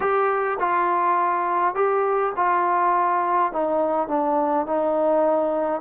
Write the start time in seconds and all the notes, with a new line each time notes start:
0.00 G4
0.59 F4
1.74 G4
2.36 F4
3.52 D#4
4.08 D4
4.66 D#4